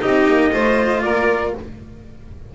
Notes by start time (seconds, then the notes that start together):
0.00 C4 D#4 G4 D#5
0.28 A#3
0.52 A3 F4 C5
1.02 A#3 A#4 D5